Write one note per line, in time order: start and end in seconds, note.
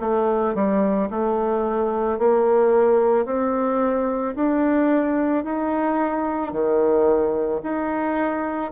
0.00 0.55 A3
0.55 1.09 G3
1.11 2.19 A3
2.19 3.26 A#3
3.26 4.35 C4
4.35 5.44 D4
5.44 6.52 D#4
6.52 7.61 D#3
7.64 8.72 D#4